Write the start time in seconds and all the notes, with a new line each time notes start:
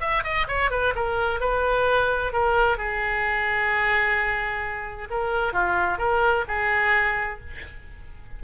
0.00 E5
0.24 D#5
0.48 C#5
0.70 B4
0.95 A#4
1.40 B4
2.32 A#4
2.77 G#4
5.10 A#4
5.53 F4
5.98 A#4
6.47 G#4